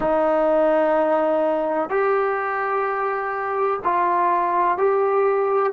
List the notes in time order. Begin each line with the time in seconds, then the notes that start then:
0.00 D#4
1.89 G4
3.84 F4
4.77 G4